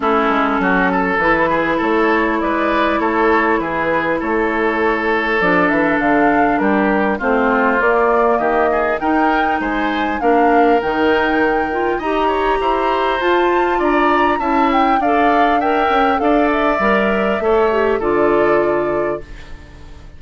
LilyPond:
<<
  \new Staff \with { instrumentName = "flute" } { \time 4/4 \tempo 4 = 100 a'2 b'4 cis''4 | d''4 cis''4 b'4 cis''4~ | cis''4 d''8 e''8 f''4 ais'4 | c''4 d''4 dis''4 g''4 |
gis''4 f''4 g''2 | ais''2 a''4 ais''4 | a''8 g''8 f''4 g''4 f''8 e''8~ | e''2 d''2 | }
  \new Staff \with { instrumentName = "oboe" } { \time 4/4 e'4 fis'8 a'4 gis'8 a'4 | b'4 a'4 gis'4 a'4~ | a'2. g'4 | f'2 g'8 gis'8 ais'4 |
c''4 ais'2. | dis''8 cis''8 c''2 d''4 | e''4 d''4 e''4 d''4~ | d''4 cis''4 a'2 | }
  \new Staff \with { instrumentName = "clarinet" } { \time 4/4 cis'2 e'2~ | e'1~ | e'4 d'2. | c'4 ais2 dis'4~ |
dis'4 d'4 dis'4. f'8 | g'2 f'2 | e'4 a'4 ais'4 a'4 | ais'4 a'8 g'8 f'2 | }
  \new Staff \with { instrumentName = "bassoon" } { \time 4/4 a8 gis8 fis4 e4 a4 | gis4 a4 e4 a4~ | a4 f8 e8 d4 g4 | a4 ais4 dis4 dis'4 |
gis4 ais4 dis2 | dis'4 e'4 f'4 d'4 | cis'4 d'4. cis'8 d'4 | g4 a4 d2 | }
>>